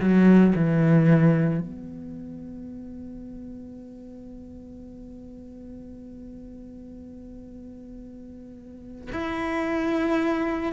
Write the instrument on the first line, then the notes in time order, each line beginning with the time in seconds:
cello
0.00 F#3
0.56 E3
1.61 B3
9.12 E4